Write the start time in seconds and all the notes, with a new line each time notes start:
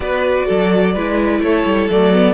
0.00 B3 F#4 B4 D5
0.45 F#3 A4
0.94 G#3 E4 B4
1.39 A3 A4 C#5
1.64 G3
1.90 F#3 A3 D5
2.13 B3